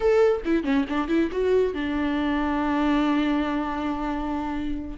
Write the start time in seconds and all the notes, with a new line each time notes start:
0.00 A4
0.44 E4
0.63 C#4
0.89 D4
1.08 E4
1.31 F#4
1.74 D4